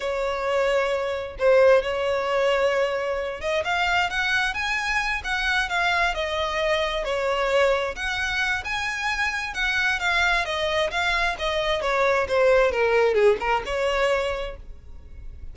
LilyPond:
\new Staff \with { instrumentName = "violin" } { \time 4/4 \tempo 4 = 132 cis''2. c''4 | cis''2.~ cis''8 dis''8 | f''4 fis''4 gis''4. fis''8~ | fis''8 f''4 dis''2 cis''8~ |
cis''4. fis''4. gis''4~ | gis''4 fis''4 f''4 dis''4 | f''4 dis''4 cis''4 c''4 | ais'4 gis'8 ais'8 cis''2 | }